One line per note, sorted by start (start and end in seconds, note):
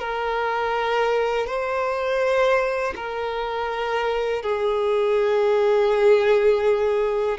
0.00 1.47 A#4
1.47 2.94 C5
2.96 4.43 A#4
4.43 7.38 G#4